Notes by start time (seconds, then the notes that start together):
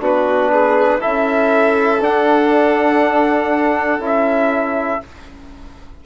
0.00 B3 D4 F#4 B4
0.52 G#4
1.00 E4 A4 E5
1.06 C#4
2.01 D4 F#5
3.99 C#4 E4
4.06 E5